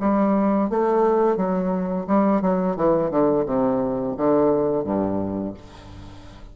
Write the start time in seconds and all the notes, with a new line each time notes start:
0.00 G3
0.70 A3
1.36 F#3
2.07 G3
2.42 F#3
2.76 E3
3.10 D3
3.46 C3
4.17 D3
4.84 G2